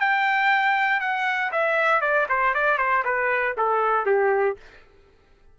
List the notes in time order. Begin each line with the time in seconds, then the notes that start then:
0.00 G5
1.00 F#5
1.52 E5
2.01 D5
2.29 C5
2.54 D5
2.78 C5
3.05 B4
3.57 A4
4.06 G4